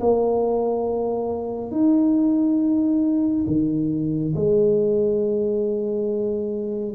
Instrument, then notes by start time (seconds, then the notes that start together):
tuba
0.00 A#3
1.72 D#4
3.47 D#3
4.36 G#3